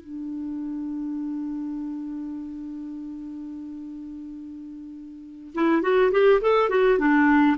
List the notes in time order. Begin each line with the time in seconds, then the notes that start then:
0.00 D4
5.54 E4
5.82 F#4
6.11 G4
6.41 A4
6.69 F#4
6.98 D4